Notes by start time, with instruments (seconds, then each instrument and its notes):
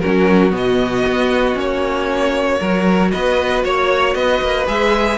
0.00 cello F#3, viola C#4, violin F#4 A#4
0.51 cello B2, viola B3
0.57 violin D#5
1.06 cello B3
1.54 cello A#3, viola C#4, violin C#5
2.59 cello F#3, viola F#4, violin A#4
3.11 cello B3, violin B4 D#5
3.64 cello A#3, violin C#5
4.14 cello B3, violin B4 D#5
4.41 cello A#3
4.66 cello G#3, viola G#4, violin E5